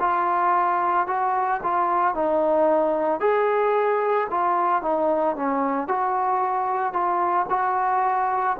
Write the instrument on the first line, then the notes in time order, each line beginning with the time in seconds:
trombone
0.00 F4
1.07 F#4
1.63 F4
2.14 D#4
3.20 G#4
4.30 F4
4.82 D#4
5.36 C#4
5.88 F#4
6.93 F4
7.50 F#4